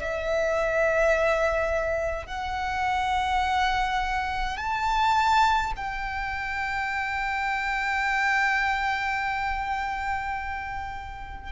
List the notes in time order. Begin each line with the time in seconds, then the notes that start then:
0.00 E5
2.26 F#5
4.57 A5
5.76 G5